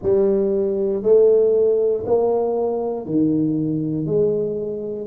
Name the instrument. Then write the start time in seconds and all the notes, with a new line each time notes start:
tuba
0.02 G3
1.02 A3
2.06 A#3
3.05 D#3
4.06 G#3